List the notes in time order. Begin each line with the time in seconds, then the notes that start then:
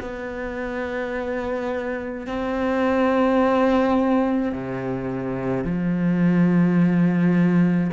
0.00 B3
2.26 C4
4.52 C3
5.63 F3